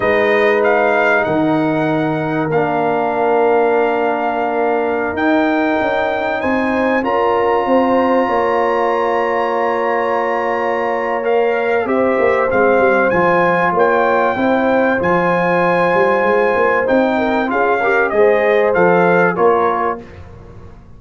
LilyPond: <<
  \new Staff \with { instrumentName = "trumpet" } { \time 4/4 \tempo 4 = 96 dis''4 f''4 fis''2 | f''1~ | f''16 g''2 gis''4 ais''8.~ | ais''1~ |
ais''2 f''4 e''4 | f''4 gis''4 g''2 | gis''2. g''4 | f''4 dis''4 f''4 cis''4 | }
  \new Staff \with { instrumentName = "horn" } { \time 4/4 b'2 ais'2~ | ais'1~ | ais'2~ ais'16 c''4 ais'8.~ | ais'16 c''4 cis''2~ cis''8.~ |
cis''2. c''4~ | c''2 cis''4 c''4~ | c''2.~ c''8 ais'8 | gis'8 ais'8 c''2 ais'4 | }
  \new Staff \with { instrumentName = "trombone" } { \time 4/4 dis'1 | d'1~ | d'16 dis'2. f'8.~ | f'1~ |
f'2 ais'4 g'4 | c'4 f'2 e'4 | f'2. dis'4 | f'8 g'8 gis'4 a'4 f'4 | }
  \new Staff \with { instrumentName = "tuba" } { \time 4/4 gis2 dis2 | ais1~ | ais16 dis'4 cis'4 c'4 cis'8.~ | cis'16 c'4 ais2~ ais8.~ |
ais2. c'8 ais8 | gis8 g8 f4 ais4 c'4 | f4. g8 gis8 ais8 c'4 | cis'4 gis4 f4 ais4 | }
>>